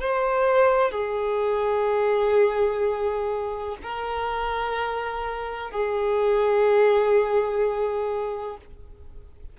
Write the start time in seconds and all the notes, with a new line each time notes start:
0.00 C5
0.90 G#4
3.82 A#4
5.71 G#4